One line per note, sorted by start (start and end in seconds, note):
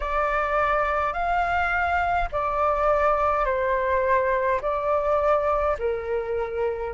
0.00 1.13 D5
1.13 2.28 F5
2.31 3.45 D5
3.45 4.60 C5
4.62 5.77 D5
5.78 6.93 A#4